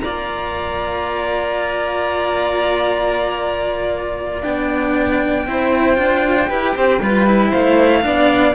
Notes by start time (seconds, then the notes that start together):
0.00 A#3 F4 D5 A#5
4.42 B3 D4 G5
5.46 C4 E4 C5
5.95 D4 F4
6.47 E4 G4 B4
6.75 C4 C5
7.00 G3 F4 B4
7.26 E4
7.49 A3 C5 F5
8.02 B3 D4 D5